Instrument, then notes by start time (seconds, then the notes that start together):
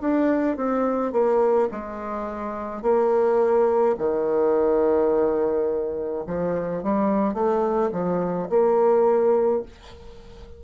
bassoon
0.00 D4
0.56 C4
1.12 A#3
1.71 G#3
2.82 A#3
3.98 D#3
6.26 F3
6.83 G3
7.34 A3
7.91 F3
8.49 A#3